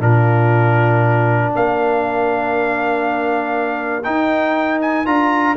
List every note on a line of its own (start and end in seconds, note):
0.00 1.51 A#2
0.00 4.03 D4
0.00 1.55 F4
0.00 1.53 A#4
1.55 4.06 A#3
1.55 5.57 A#4
1.55 4.04 F5
4.04 5.05 D#4
4.04 5.07 D#4
4.04 4.79 G5
4.81 5.06 G#5
5.05 5.57 D4
5.05 5.56 F4
5.05 5.57 A#5